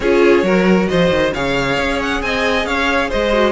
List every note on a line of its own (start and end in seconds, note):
0.00 0.43 C#4
0.00 0.44 F4
0.00 0.44 G#4
0.00 0.87 C#5
0.43 0.87 F#3
0.43 1.33 F#4
0.43 0.89 A#4
0.87 1.10 F3
0.87 1.33 C5
0.87 1.31 D#5
1.10 1.32 D#3
1.33 1.77 C#3
1.33 3.32 G#4
1.33 2.22 C#5
1.33 2.00 F5
1.77 2.22 C#4
2.01 2.22 F#5
2.22 2.65 C4
2.22 2.67 D#5
2.22 2.65 G#5
2.65 3.09 C#4
2.65 3.08 C#5
2.65 3.10 F5
3.08 3.52 G#3
3.08 3.52 C5
3.08 3.52 D#5
3.32 3.52 F#4